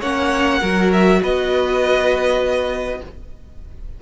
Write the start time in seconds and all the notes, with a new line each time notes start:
0.00 A#3 C#4 C#5 F#5
0.61 F#3 F#4 A#4
0.92 E5
1.22 B3 B4 D#5